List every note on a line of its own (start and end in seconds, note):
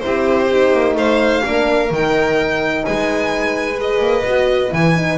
0.00 0.73 C4
0.00 0.49 E4
0.00 0.97 G4
0.00 0.94 C5
0.51 1.44 D#4
0.73 0.95 A#3
0.95 1.42 A3
0.95 1.44 C5
0.95 1.92 F5
1.44 1.91 A#3
1.44 1.91 D4
1.44 2.85 A#4
1.91 2.85 D#3
1.91 3.76 D#4
1.91 2.86 G5
2.86 4.00 G#3
2.86 5.18 B4
2.86 3.79 G#5
3.76 4.23 G#4
3.76 4.74 D#5
4.00 4.24 A#3
4.24 4.71 B3
4.24 4.70 F#4
4.70 5.18 E3
4.70 4.94 E4
4.70 5.18 G#5
4.96 5.18 D#4